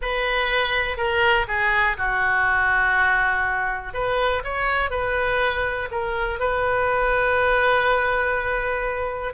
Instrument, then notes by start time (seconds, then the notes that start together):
oboe
0.01 B4
0.97 A#4
1.47 G#4
1.97 F#4
3.93 B4
4.44 C#5
4.90 B4
5.91 A#4
6.39 B4